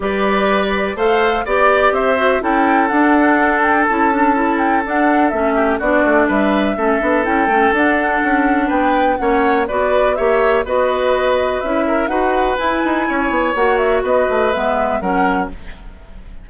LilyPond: <<
  \new Staff \with { instrumentName = "flute" } { \time 4/4 \tempo 4 = 124 d''2 f''4 d''4 | e''4 g''4 fis''4. g''8 | a''4. g''8 fis''4 e''4 | d''4 e''2 g''4 |
fis''2 g''4 fis''4 | d''4 e''4 dis''2 | e''4 fis''4 gis''2 | fis''8 e''8 dis''4 e''4 fis''4 | }
  \new Staff \with { instrumentName = "oboe" } { \time 4/4 b'2 c''4 d''4 | c''4 a'2.~ | a'2.~ a'8 g'8 | fis'4 b'4 a'2~ |
a'2 b'4 cis''4 | b'4 cis''4 b'2~ | b'8 ais'8 b'2 cis''4~ | cis''4 b'2 ais'4 | }
  \new Staff \with { instrumentName = "clarinet" } { \time 4/4 g'2 a'4 g'4~ | g'8 fis'8 e'4 d'2 | e'8 d'8 e'4 d'4 cis'4 | d'2 cis'8 d'8 e'8 cis'8 |
d'2. cis'4 | fis'4 g'4 fis'2 | e'4 fis'4 e'2 | fis'2 b4 cis'4 | }
  \new Staff \with { instrumentName = "bassoon" } { \time 4/4 g2 a4 b4 | c'4 cis'4 d'2 | cis'2 d'4 a4 | b8 a8 g4 a8 b8 cis'8 a8 |
d'4 cis'4 b4 ais4 | b4 ais4 b2 | cis'4 dis'4 e'8 dis'8 cis'8 b8 | ais4 b8 a8 gis4 fis4 | }
>>